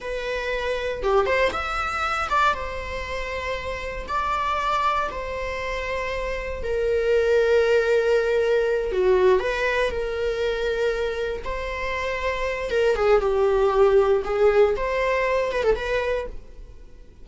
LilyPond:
\new Staff \with { instrumentName = "viola" } { \time 4/4 \tempo 4 = 118 b'2 g'8 c''8 e''4~ | e''8 d''8 c''2. | d''2 c''2~ | c''4 ais'2.~ |
ais'4. fis'4 b'4 ais'8~ | ais'2~ ais'8 c''4.~ | c''4 ais'8 gis'8 g'2 | gis'4 c''4. b'16 a'16 b'4 | }